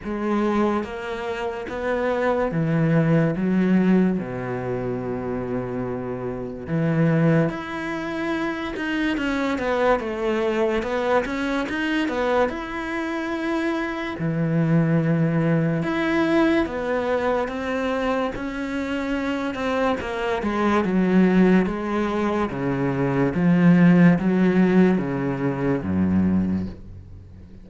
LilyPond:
\new Staff \with { instrumentName = "cello" } { \time 4/4 \tempo 4 = 72 gis4 ais4 b4 e4 | fis4 b,2. | e4 e'4. dis'8 cis'8 b8 | a4 b8 cis'8 dis'8 b8 e'4~ |
e'4 e2 e'4 | b4 c'4 cis'4. c'8 | ais8 gis8 fis4 gis4 cis4 | f4 fis4 cis4 fis,4 | }